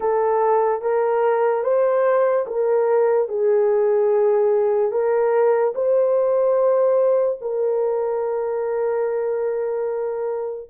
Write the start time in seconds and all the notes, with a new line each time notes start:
0.00 A4
0.81 A#4
1.63 C5
2.46 A#4
3.28 G#4
4.91 A#4
5.75 C5
7.41 A#4